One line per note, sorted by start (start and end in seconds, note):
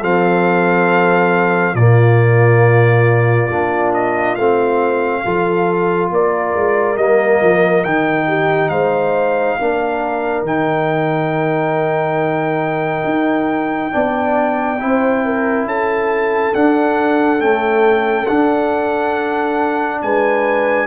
0.00 1.75 F3
0.00 1.76 C4
0.00 1.74 A4
0.00 1.75 F5
1.74 3.49 A#2
1.74 3.51 A#3
1.74 5.22 F4
1.74 3.93 D5
3.49 4.36 A#3
3.49 4.38 D4
3.94 4.35 D#5
4.35 5.23 A3
4.35 5.25 C4
4.35 6.09 F5
5.24 6.11 F3
5.24 6.98 F4
5.24 6.11 A4
6.11 6.54 A#3
6.11 8.27 A#4
6.11 6.97 D5
6.55 6.97 G#3
6.97 7.40 G3
6.97 7.85 A#3
6.97 7.84 D#5
7.42 7.85 F3
7.84 8.70 D#3
7.84 9.60 D#4
7.84 8.69 G5
8.27 8.71 G4
8.69 9.57 G#3
8.69 9.58 C5
8.69 10.43 F5
9.59 10.43 A#3
9.59 10.46 D4
9.59 13.94 A#4
10.43 13.03 D#3
10.43 13.91 D#4
10.43 15.68 G5
13.05 13.91 D#4
13.91 14.82 B3
13.91 14.78 D4
13.91 14.81 D5
14.80 15.66 C4
14.80 16.54 E4
14.80 15.25 C5
15.25 15.67 A#4
15.66 16.53 C#4
15.66 20.02 A4
15.66 16.55 A5
16.55 17.40 D4
16.55 17.41 D4
16.55 17.41 F#5
17.40 18.27 A3
17.40 18.28 C#4
17.40 18.27 G5
18.27 20.87 D4
18.27 20.03 D4
18.27 20.01 F#5
20.02 20.87 G#3
20.02 20.87 B4
20.02 20.87 G#5